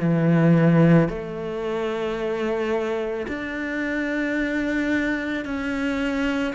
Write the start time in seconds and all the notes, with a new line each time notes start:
0.00 E3
1.09 A3
3.28 D4
5.45 C#4